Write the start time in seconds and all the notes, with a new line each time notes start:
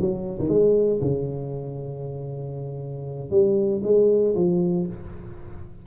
0.00 F#3
0.39 D#3
0.49 G#3
1.01 C#3
3.30 G3
3.83 G#3
4.35 F3